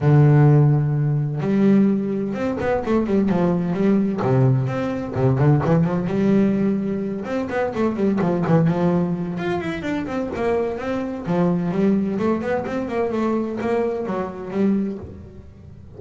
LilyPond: \new Staff \with { instrumentName = "double bass" } { \time 4/4 \tempo 4 = 128 d2. g4~ | g4 c'8 b8 a8 g8 f4 | g4 c4 c'4 c8 d8 | e8 f8 g2~ g8 c'8 |
b8 a8 g8 f8 e8 f4. | f'8 e'8 d'8 c'8 ais4 c'4 | f4 g4 a8 b8 c'8 ais8 | a4 ais4 fis4 g4 | }